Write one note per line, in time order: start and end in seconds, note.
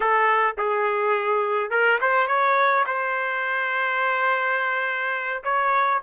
0.00 0.55 A4
0.57 1.70 G#4
1.70 1.98 A#4
2.00 2.27 C5
2.27 2.84 C#5
2.86 5.43 C5
5.43 6.00 C#5